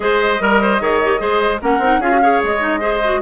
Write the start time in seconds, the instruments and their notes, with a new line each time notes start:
0.00 bassoon G#3, clarinet G#4, oboe C5, flute D#5
0.40 bassoon G3, clarinet A#4, oboe A#4
0.62 oboe C5
0.80 bassoon D#3, clarinet G#4, oboe C#5
1.03 clarinet G4
1.18 bassoon G#3, clarinet G#4, oboe C5
1.61 bassoon A#3, clarinet C#4, oboe A#4, flute F#5
1.79 bassoon C4, clarinet D#4
1.99 bassoon C#4, clarinet F4, oboe G#4, flute F5
2.10 clarinet F#4
2.21 clarinet G#4, oboe C#5
2.42 bassoon G#3, flute D#5
2.59 clarinet D#4
2.80 clarinet G#4, oboe C5
3.04 clarinet F#4